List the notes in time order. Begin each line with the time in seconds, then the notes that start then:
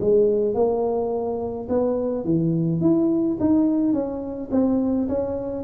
0.00 G#3
0.54 A#3
1.69 B3
2.24 E3
2.81 E4
3.40 D#4
3.93 C#4
4.51 C4
5.08 C#4